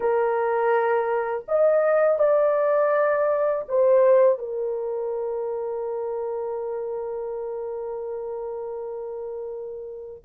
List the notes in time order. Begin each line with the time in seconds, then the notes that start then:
0.00 A#4
1.47 D#5
2.19 D5
3.68 C5
4.38 A#4